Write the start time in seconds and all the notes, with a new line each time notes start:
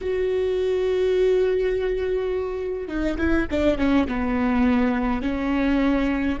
0.01 F#4
2.88 D#4
3.17 E4
3.50 D4
3.78 C#4
4.07 B3
5.22 C#4